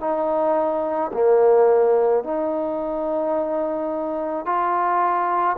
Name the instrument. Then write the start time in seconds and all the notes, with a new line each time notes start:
trombone
0.00 D#4
1.13 A#3
2.24 D#4
4.45 F4